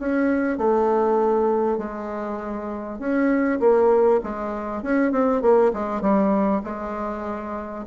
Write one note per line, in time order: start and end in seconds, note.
0.00 0.58 C#4
0.58 1.78 A3
1.78 2.99 G#3
2.99 3.60 C#4
3.60 4.21 A#3
4.24 4.83 G#3
4.83 5.12 C#4
5.12 5.42 C4
5.42 5.72 A#3
5.74 6.01 G#3
6.01 6.62 G3
6.64 7.85 G#3